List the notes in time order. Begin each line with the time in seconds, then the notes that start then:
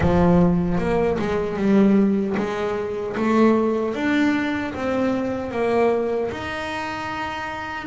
0.00 F3
0.78 A#3
1.18 G#3
1.56 G3
2.37 G#3
3.17 A3
3.94 D4
4.74 C4
5.51 A#3
6.31 D#4